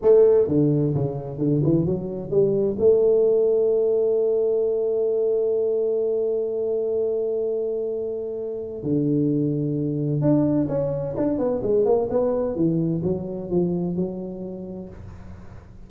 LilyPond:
\new Staff \with { instrumentName = "tuba" } { \time 4/4 \tempo 4 = 129 a4 d4 cis4 d8 e8 | fis4 g4 a2~ | a1~ | a1~ |
a2. d4~ | d2 d'4 cis'4 | d'8 b8 gis8 ais8 b4 e4 | fis4 f4 fis2 | }